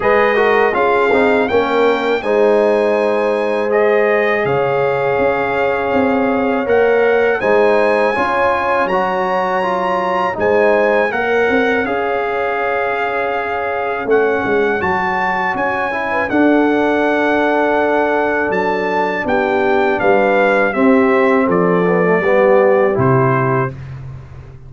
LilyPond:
<<
  \new Staff \with { instrumentName = "trumpet" } { \time 4/4 \tempo 4 = 81 dis''4 f''4 g''4 gis''4~ | gis''4 dis''4 f''2~ | f''4 fis''4 gis''2 | ais''2 gis''4 fis''4 |
f''2. fis''4 | a''4 gis''4 fis''2~ | fis''4 a''4 g''4 f''4 | e''4 d''2 c''4 | }
  \new Staff \with { instrumentName = "horn" } { \time 4/4 b'8 ais'8 gis'4 ais'4 c''4~ | c''2 cis''2~ | cis''2 c''4 cis''4~ | cis''2 c''4 cis''4~ |
cis''1~ | cis''4.~ cis''16 b'16 a'2~ | a'2 g'4 b'4 | g'4 a'4 g'2 | }
  \new Staff \with { instrumentName = "trombone" } { \time 4/4 gis'8 fis'8 f'8 dis'8 cis'4 dis'4~ | dis'4 gis'2.~ | gis'4 ais'4 dis'4 f'4 | fis'4 f'4 dis'4 ais'4 |
gis'2. cis'4 | fis'4. e'8 d'2~ | d'1 | c'4. b16 a16 b4 e'4 | }
  \new Staff \with { instrumentName = "tuba" } { \time 4/4 gis4 cis'8 c'8 ais4 gis4~ | gis2 cis4 cis'4 | c'4 ais4 gis4 cis'4 | fis2 gis4 ais8 c'8 |
cis'2. a8 gis8 | fis4 cis'4 d'2~ | d'4 fis4 b4 g4 | c'4 f4 g4 c4 | }
>>